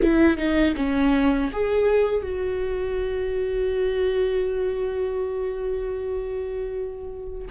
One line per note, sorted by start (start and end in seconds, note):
0.02 0.37 E4
0.37 0.74 D#4
0.76 1.51 C#4
1.52 2.22 G#4
2.22 7.47 F#4